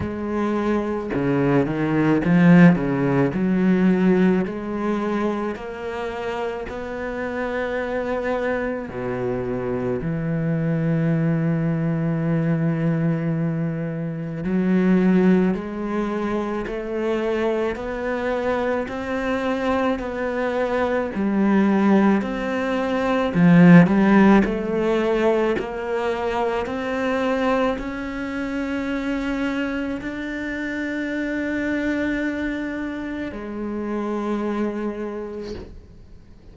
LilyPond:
\new Staff \with { instrumentName = "cello" } { \time 4/4 \tempo 4 = 54 gis4 cis8 dis8 f8 cis8 fis4 | gis4 ais4 b2 | b,4 e2.~ | e4 fis4 gis4 a4 |
b4 c'4 b4 g4 | c'4 f8 g8 a4 ais4 | c'4 cis'2 d'4~ | d'2 gis2 | }